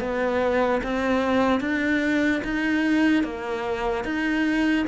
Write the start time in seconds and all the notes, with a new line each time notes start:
0.00 B3
0.83 C4
1.60 D4
2.44 D#4
3.24 A#3
4.04 D#4